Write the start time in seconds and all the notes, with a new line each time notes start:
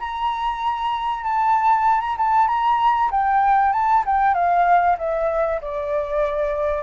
0.00 A#5
1.24 A5
2.01 A#5
2.17 A5
2.48 A#5
3.11 G5
3.73 A5
4.06 G5
4.34 F5
4.98 E5
5.61 D5